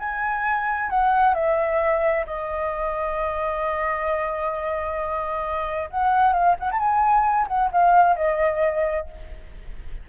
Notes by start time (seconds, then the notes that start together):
0.00 G#5
0.90 F#5
1.35 E5
2.27 D#5
5.90 F#5
6.33 F5
6.60 F#5
6.72 A5
6.79 G#5
7.48 F#5
7.73 F5
8.17 D#5